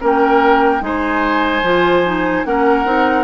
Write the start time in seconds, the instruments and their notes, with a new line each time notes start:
0.00 bassoon A#3, clarinet C#4, oboe A#4, flute G5
0.81 bassoon G#3, clarinet D#4, oboe C5, flute G#5
1.62 bassoon F3, clarinet F4
2.05 clarinet D#4
2.45 bassoon A#3, clarinet C#4, oboe A#4, flute F#5
2.85 bassoon C4, clarinet D#4